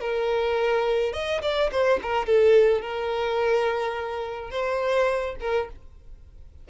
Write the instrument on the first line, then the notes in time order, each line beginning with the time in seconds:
violin
0.00 A#4
1.13 D#5
1.42 D5
1.72 C5
2.02 A#4
2.26 A4
2.81 A#4
4.51 C5
5.40 A#4